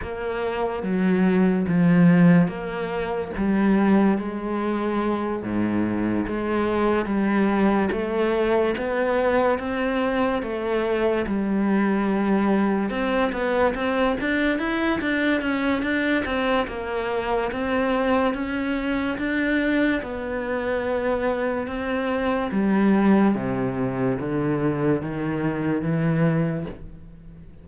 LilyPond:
\new Staff \with { instrumentName = "cello" } { \time 4/4 \tempo 4 = 72 ais4 fis4 f4 ais4 | g4 gis4. gis,4 gis8~ | gis8 g4 a4 b4 c'8~ | c'8 a4 g2 c'8 |
b8 c'8 d'8 e'8 d'8 cis'8 d'8 c'8 | ais4 c'4 cis'4 d'4 | b2 c'4 g4 | c4 d4 dis4 e4 | }